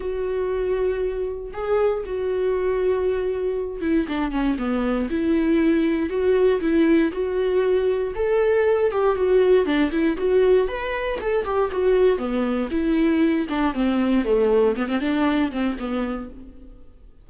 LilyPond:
\new Staff \with { instrumentName = "viola" } { \time 4/4 \tempo 4 = 118 fis'2. gis'4 | fis'2.~ fis'8 e'8 | d'8 cis'8 b4 e'2 | fis'4 e'4 fis'2 |
a'4. g'8 fis'4 d'8 e'8 | fis'4 b'4 a'8 g'8 fis'4 | b4 e'4. d'8 c'4 | a4 b16 c'16 d'4 c'8 b4 | }